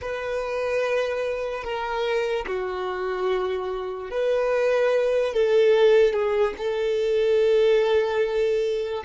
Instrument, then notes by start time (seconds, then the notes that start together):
violin
0.01 B4
1.63 A#4
2.47 F#4
4.10 B4
5.33 A4
6.13 G#4
6.57 A4